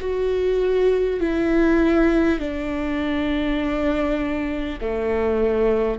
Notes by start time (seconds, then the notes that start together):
0.00 F#4
1.21 E4
2.39 D4
4.81 A3